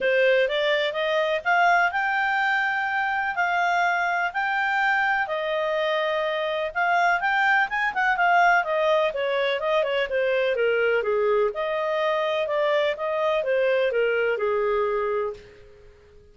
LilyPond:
\new Staff \with { instrumentName = "clarinet" } { \time 4/4 \tempo 4 = 125 c''4 d''4 dis''4 f''4 | g''2. f''4~ | f''4 g''2 dis''4~ | dis''2 f''4 g''4 |
gis''8 fis''8 f''4 dis''4 cis''4 | dis''8 cis''8 c''4 ais'4 gis'4 | dis''2 d''4 dis''4 | c''4 ais'4 gis'2 | }